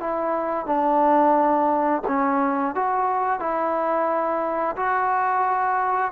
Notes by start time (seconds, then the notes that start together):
0.00 E4
0.66 D4
2.07 C#4
2.75 F#4
3.39 E4
4.76 F#4